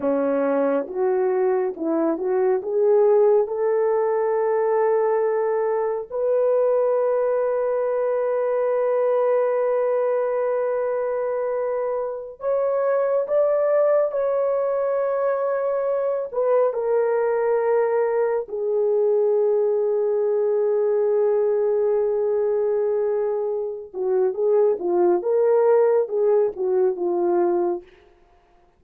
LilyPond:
\new Staff \with { instrumentName = "horn" } { \time 4/4 \tempo 4 = 69 cis'4 fis'4 e'8 fis'8 gis'4 | a'2. b'4~ | b'1~ | b'2~ b'16 cis''4 d''8.~ |
d''16 cis''2~ cis''8 b'8 ais'8.~ | ais'4~ ais'16 gis'2~ gis'8.~ | gis'2.~ gis'8 fis'8 | gis'8 f'8 ais'4 gis'8 fis'8 f'4 | }